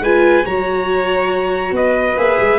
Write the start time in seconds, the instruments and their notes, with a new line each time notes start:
0.00 tuba G#3, viola F4, violin B4, trumpet G#5
0.43 tuba F#3, viola F#4, violin C#5, trumpet A#5
1.71 tuba B3, violin B4, trumpet D#5
2.16 tuba A#3, viola G#4, trumpet E5
2.39 tuba G#3